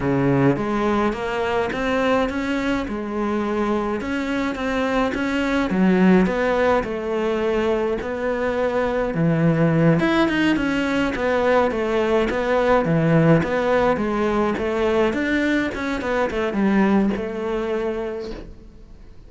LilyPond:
\new Staff \with { instrumentName = "cello" } { \time 4/4 \tempo 4 = 105 cis4 gis4 ais4 c'4 | cis'4 gis2 cis'4 | c'4 cis'4 fis4 b4 | a2 b2 |
e4. e'8 dis'8 cis'4 b8~ | b8 a4 b4 e4 b8~ | b8 gis4 a4 d'4 cis'8 | b8 a8 g4 a2 | }